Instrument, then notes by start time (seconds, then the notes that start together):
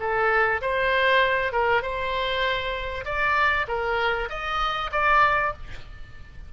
oboe
0.00 A4
0.62 C5
1.52 A#4
1.82 C5
3.05 D5
3.68 A#4
4.29 D#5
4.92 D5